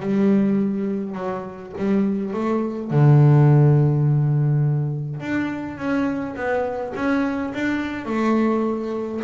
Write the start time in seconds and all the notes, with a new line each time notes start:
0.00 G3
1.15 F#3
1.78 G3
2.33 A3
2.91 D3
5.20 D4
5.77 C#4
6.35 B3
6.95 C#4
7.53 D4
8.05 A3